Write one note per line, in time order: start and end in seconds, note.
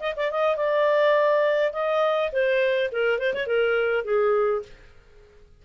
0.00 0.15 D#5
0.17 0.31 D5
0.31 0.56 D#5
0.56 1.73 D5
1.73 2.31 D#5
2.32 2.91 C5
2.92 3.19 A#4
3.19 3.34 C5
3.34 3.47 C#5
3.47 4.05 A#4
4.05 4.63 G#4